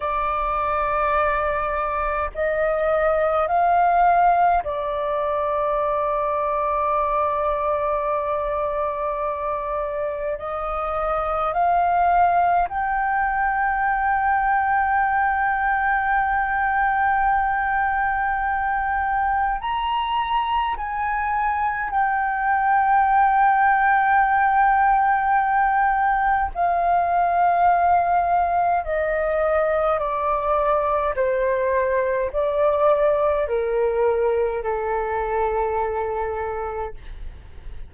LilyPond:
\new Staff \with { instrumentName = "flute" } { \time 4/4 \tempo 4 = 52 d''2 dis''4 f''4 | d''1~ | d''4 dis''4 f''4 g''4~ | g''1~ |
g''4 ais''4 gis''4 g''4~ | g''2. f''4~ | f''4 dis''4 d''4 c''4 | d''4 ais'4 a'2 | }